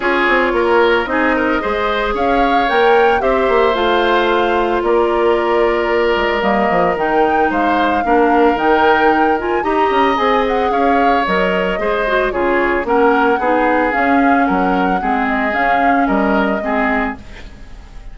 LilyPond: <<
  \new Staff \with { instrumentName = "flute" } { \time 4/4 \tempo 4 = 112 cis''2 dis''2 | f''4 g''4 e''4 f''4~ | f''4 d''2. | dis''4 g''4 f''2 |
g''4. gis''8 ais''4 gis''8 fis''8 | f''4 dis''2 cis''4 | fis''2 f''4 fis''4~ | fis''8 dis''8 f''4 dis''2 | }
  \new Staff \with { instrumentName = "oboe" } { \time 4/4 gis'4 ais'4 gis'8 ais'8 c''4 | cis''2 c''2~ | c''4 ais'2.~ | ais'2 c''4 ais'4~ |
ais'2 dis''2 | cis''2 c''4 gis'4 | ais'4 gis'2 ais'4 | gis'2 ais'4 gis'4 | }
  \new Staff \with { instrumentName = "clarinet" } { \time 4/4 f'2 dis'4 gis'4~ | gis'4 ais'4 g'4 f'4~ | f'1 | ais4 dis'2 d'4 |
dis'4. f'8 g'4 gis'4~ | gis'4 ais'4 gis'8 fis'8 f'4 | cis'4 dis'4 cis'2 | c'4 cis'2 c'4 | }
  \new Staff \with { instrumentName = "bassoon" } { \time 4/4 cis'8 c'8 ais4 c'4 gis4 | cis'4 ais4 c'8 ais8 a4~ | a4 ais2~ ais8 gis8 | g8 f8 dis4 gis4 ais4 |
dis2 dis'8 cis'8 c'4 | cis'4 fis4 gis4 cis4 | ais4 b4 cis'4 fis4 | gis4 cis'4 g4 gis4 | }
>>